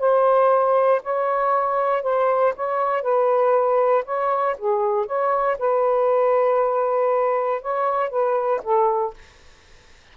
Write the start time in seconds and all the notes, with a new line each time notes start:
0.00 C5
1.04 C#5
2.03 C5
2.56 C#5
3.03 B4
4.06 C#5
4.59 G#4
5.07 C#5
5.59 B4
7.62 C#5
8.11 B4
8.63 A4